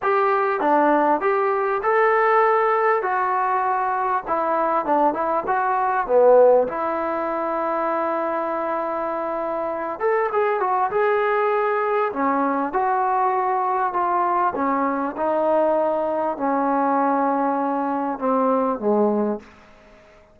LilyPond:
\new Staff \with { instrumentName = "trombone" } { \time 4/4 \tempo 4 = 99 g'4 d'4 g'4 a'4~ | a'4 fis'2 e'4 | d'8 e'8 fis'4 b4 e'4~ | e'1~ |
e'8 a'8 gis'8 fis'8 gis'2 | cis'4 fis'2 f'4 | cis'4 dis'2 cis'4~ | cis'2 c'4 gis4 | }